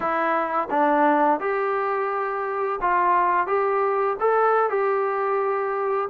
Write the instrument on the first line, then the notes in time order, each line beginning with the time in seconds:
trombone
0.00 E4
0.70 D4
1.40 G4
2.81 F4
3.46 G4
4.20 A4
4.69 G4